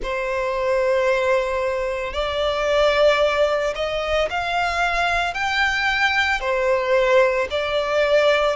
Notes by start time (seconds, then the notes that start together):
0.02 C5
2.13 D5
3.75 D#5
4.30 F5
5.33 G5
6.40 C5
7.50 D5